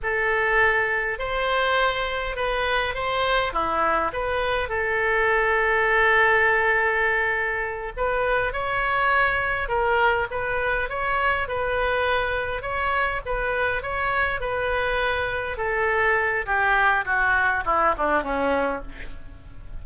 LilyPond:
\new Staff \with { instrumentName = "oboe" } { \time 4/4 \tempo 4 = 102 a'2 c''2 | b'4 c''4 e'4 b'4 | a'1~ | a'4. b'4 cis''4.~ |
cis''8 ais'4 b'4 cis''4 b'8~ | b'4. cis''4 b'4 cis''8~ | cis''8 b'2 a'4. | g'4 fis'4 e'8 d'8 cis'4 | }